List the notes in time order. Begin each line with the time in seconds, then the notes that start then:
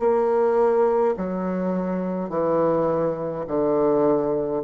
0.00 A#3
1.17 F#3
2.30 E3
3.48 D3